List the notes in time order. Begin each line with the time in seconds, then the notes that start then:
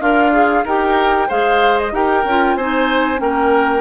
0.00 D4 F4 A#4 F5
0.32 G#4
0.64 D#4 G4 A#4 G5
1.28 G#3 G#4 C5 F5
1.78 D#5
1.92 D#4 G4 A#4 G5
2.24 C#4 F4
2.56 C4 D#4 C5 G#5
3.17 A#3 C#4 A#4 G5